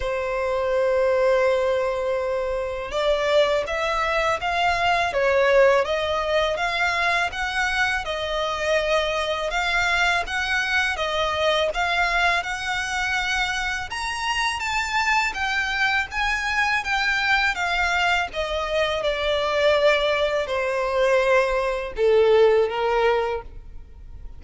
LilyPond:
\new Staff \with { instrumentName = "violin" } { \time 4/4 \tempo 4 = 82 c''1 | d''4 e''4 f''4 cis''4 | dis''4 f''4 fis''4 dis''4~ | dis''4 f''4 fis''4 dis''4 |
f''4 fis''2 ais''4 | a''4 g''4 gis''4 g''4 | f''4 dis''4 d''2 | c''2 a'4 ais'4 | }